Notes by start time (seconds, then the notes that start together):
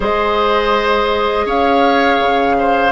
0.00 G#3 G#4 C5 D#5
1.45 C#4 C#5 F5
2.20 C#3
2.58 C5